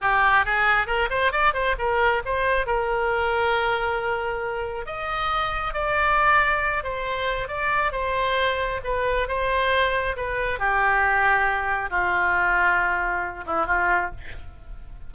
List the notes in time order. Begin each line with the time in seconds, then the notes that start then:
0.01 G4
0.45 G#4
0.86 A#4
1.10 C5
1.32 D5
1.53 C5
1.78 A#4
2.25 C5
2.66 A#4
4.85 D#5
5.73 D5
6.83 C5
7.48 D5
7.92 C5
8.84 B4
9.27 C5
10.16 B4
10.59 G4
11.90 F4
13.46 E4
13.66 F4